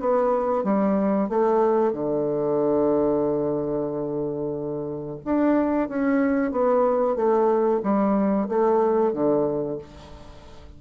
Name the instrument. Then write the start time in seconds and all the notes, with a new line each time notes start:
bassoon
0.00 B3
0.64 G3
1.29 A3
1.93 D3
5.25 D4
5.89 C#4
6.52 B3
7.16 A3
7.83 G3
8.49 A3
9.13 D3